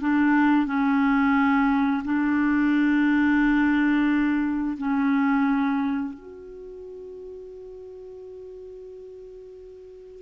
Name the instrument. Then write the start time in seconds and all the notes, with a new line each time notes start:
clarinet
0.00 D4
0.66 C#4
2.04 D4
4.78 C#4
6.14 F#4